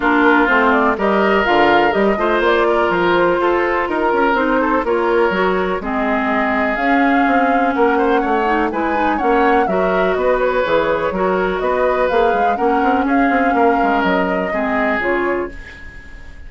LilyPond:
<<
  \new Staff \with { instrumentName = "flute" } { \time 4/4 \tempo 4 = 124 ais'4 c''8 d''8 dis''4 f''4 | dis''4 d''4 c''2 | ais'4 c''4 cis''2 | dis''2 f''2 |
fis''2 gis''4 fis''4 | e''4 dis''8 cis''2~ cis''8 | dis''4 f''4 fis''4 f''4~ | f''4 dis''2 cis''4 | }
  \new Staff \with { instrumentName = "oboe" } { \time 4/4 f'2 ais'2~ | ais'8 c''4 ais'4. a'4 | ais'4. a'8 ais'2 | gis'1 |
ais'8 c''8 cis''4 b'4 cis''4 | ais'4 b'2 ais'4 | b'2 ais'4 gis'4 | ais'2 gis'2 | }
  \new Staff \with { instrumentName = "clarinet" } { \time 4/4 d'4 c'4 g'4 f'4 | g'8 f'2.~ f'8~ | f'4 dis'4 f'4 fis'4 | c'2 cis'2~ |
cis'4. dis'8 e'8 dis'8 cis'4 | fis'2 gis'4 fis'4~ | fis'4 gis'4 cis'2~ | cis'2 c'4 f'4 | }
  \new Staff \with { instrumentName = "bassoon" } { \time 4/4 ais4 a4 g4 d4 | g8 a8 ais4 f4 f'4 | dis'8 cis'8 c'4 ais4 fis4 | gis2 cis'4 c'4 |
ais4 a4 gis4 ais4 | fis4 b4 e4 fis4 | b4 ais8 gis8 ais8 c'8 cis'8 c'8 | ais8 gis8 fis4 gis4 cis4 | }
>>